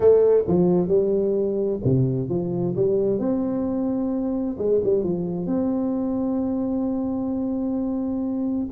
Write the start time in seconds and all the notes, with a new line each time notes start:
0.00 A3
0.47 F3
0.87 G3
1.84 C3
2.29 F3
2.76 G3
3.19 C4
4.58 G#3
4.83 G3
5.03 F3
5.46 C4